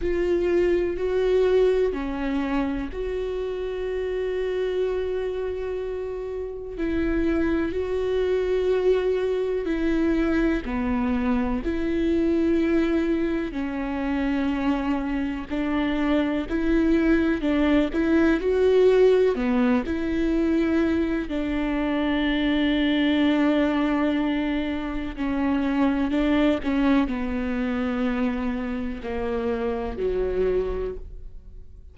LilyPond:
\new Staff \with { instrumentName = "viola" } { \time 4/4 \tempo 4 = 62 f'4 fis'4 cis'4 fis'4~ | fis'2. e'4 | fis'2 e'4 b4 | e'2 cis'2 |
d'4 e'4 d'8 e'8 fis'4 | b8 e'4. d'2~ | d'2 cis'4 d'8 cis'8 | b2 ais4 fis4 | }